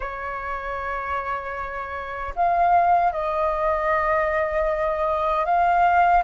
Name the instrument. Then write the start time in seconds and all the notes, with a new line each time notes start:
flute
0.00 C#5
2.35 F5
3.12 D#5
5.45 F5